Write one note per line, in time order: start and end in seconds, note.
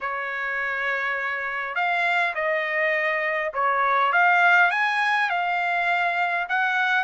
0.00 1.75 C#5
1.75 2.34 F5
2.34 3.52 D#5
3.53 4.12 C#5
4.12 4.70 F5
4.70 5.29 G#5
5.29 6.47 F5
6.48 7.03 F#5